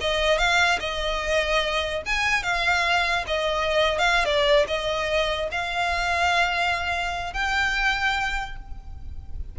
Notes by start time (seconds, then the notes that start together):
0.00 D#5
0.38 F5
0.79 D#5
2.05 G#5
2.42 F5
3.27 D#5
3.98 F5
4.24 D5
4.67 D#5
5.51 F5
7.33 G5